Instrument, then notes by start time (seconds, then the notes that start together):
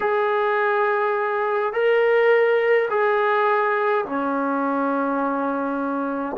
trombone
0.00 G#4
1.73 A#4
2.90 G#4
4.05 C#4